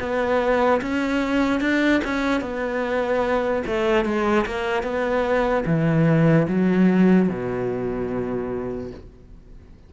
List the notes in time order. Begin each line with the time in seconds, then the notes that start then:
0.00 B3
0.81 C#4
1.61 D4
2.04 C#4
2.41 B3
3.66 A3
4.05 G#3
4.46 A#3
4.83 B3
5.66 E3
6.48 F#3
7.29 B2